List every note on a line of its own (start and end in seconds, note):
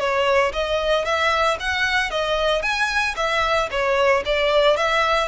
0.00 0.53 C#5
0.54 1.05 D#5
1.05 1.58 E5
1.60 2.11 F#5
2.11 2.63 D#5
2.63 3.15 G#5
3.17 3.69 E5
3.71 4.24 C#5
4.26 4.77 D5
4.77 5.29 E5